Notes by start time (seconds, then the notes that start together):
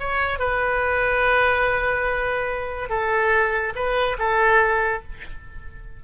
0.00 C#5
0.39 B4
2.90 A4
3.76 B4
4.19 A4